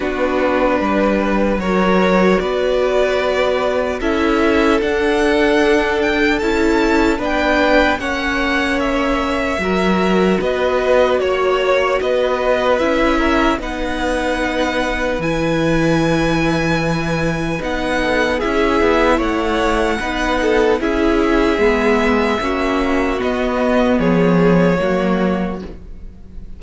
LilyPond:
<<
  \new Staff \with { instrumentName = "violin" } { \time 4/4 \tempo 4 = 75 b'2 cis''4 d''4~ | d''4 e''4 fis''4. g''8 | a''4 g''4 fis''4 e''4~ | e''4 dis''4 cis''4 dis''4 |
e''4 fis''2 gis''4~ | gis''2 fis''4 e''4 | fis''2 e''2~ | e''4 dis''4 cis''2 | }
  \new Staff \with { instrumentName = "violin" } { \time 4/4 fis'4 b'4 ais'4 b'4~ | b'4 a'2.~ | a'4 b'4 cis''2 | ais'4 b'4 cis''4 b'4~ |
b'8 ais'8 b'2.~ | b'2~ b'8 a'8 gis'4 | cis''4 b'8 a'8 gis'2 | fis'2 gis'4 fis'4 | }
  \new Staff \with { instrumentName = "viola" } { \time 4/4 d'2 fis'2~ | fis'4 e'4 d'2 | e'4 d'4 cis'2 | fis'1 |
e'4 dis'2 e'4~ | e'2 dis'4 e'4~ | e'4 dis'4 e'4 b4 | cis'4 b2 ais4 | }
  \new Staff \with { instrumentName = "cello" } { \time 4/4 b4 g4 fis4 b4~ | b4 cis'4 d'2 | cis'4 b4 ais2 | fis4 b4 ais4 b4 |
cis'4 b2 e4~ | e2 b4 cis'8 b8 | a4 b4 cis'4 gis4 | ais4 b4 f4 fis4 | }
>>